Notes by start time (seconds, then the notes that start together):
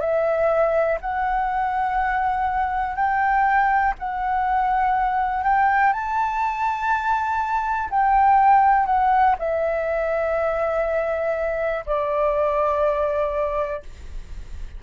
0.00 E5
1.01 F#5
2.95 G5
3.99 F#5
5.43 G5
5.92 A5
7.90 G5
8.86 F#5
9.39 E5
11.86 D5